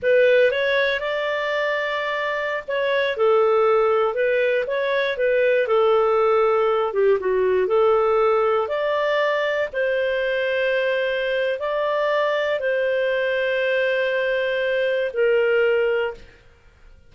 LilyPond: \new Staff \with { instrumentName = "clarinet" } { \time 4/4 \tempo 4 = 119 b'4 cis''4 d''2~ | d''4~ d''16 cis''4 a'4.~ a'16~ | a'16 b'4 cis''4 b'4 a'8.~ | a'4.~ a'16 g'8 fis'4 a'8.~ |
a'4~ a'16 d''2 c''8.~ | c''2. d''4~ | d''4 c''2.~ | c''2 ais'2 | }